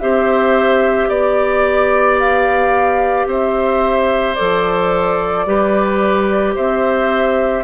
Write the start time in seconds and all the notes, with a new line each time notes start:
0.00 C4 G4 C5 E5
1.08 B3 D5
2.19 F5
3.26 C4 C5 E5
4.35 F3 A4 D5
5.46 G3 G4 B4
6.55 C4 C5 E5